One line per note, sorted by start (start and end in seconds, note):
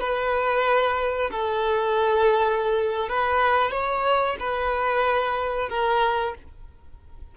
0.00 1.30 B4
1.31 3.09 A4
3.09 3.71 B4
3.71 4.37 C#5
4.40 5.69 B4
5.69 6.35 A#4